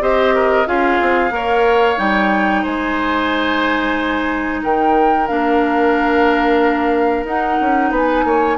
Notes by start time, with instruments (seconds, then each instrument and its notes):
0.00 bassoon C4, clarinet G4, oboe C5, flute D#5
0.34 oboe A#4
0.66 bassoon C#4, clarinet F4, oboe G#4, flute F5
1.01 bassoon C4
1.30 bassoon A#3, clarinet A#4, oboe C#5
1.97 bassoon G3, clarinet D#4, flute G5
2.62 bassoon G#3, oboe C5, flute G#5
4.62 bassoon D#3, oboe A#4, flute G5
5.27 bassoon A#3, clarinet D4, flute F5
7.24 bassoon D#4, clarinet D#4, flute F#5
7.60 bassoon C#4
7.90 bassoon B3, oboe B4, flute G#5
8.24 bassoon A#3, oboe C#5